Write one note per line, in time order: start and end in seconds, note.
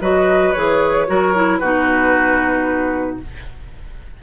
0.00 0.53 F#3
0.00 0.54 F#4
0.00 1.07 B4
0.00 0.53 D#5
0.53 1.09 E3
0.53 1.07 G#4
0.53 1.58 C#5
1.07 1.61 F#3
1.07 1.33 F#4
1.07 1.59 A#4
1.35 1.61 E4
1.58 3.20 B2
1.58 3.22 D#4
1.58 3.19 F#4
1.58 3.17 B4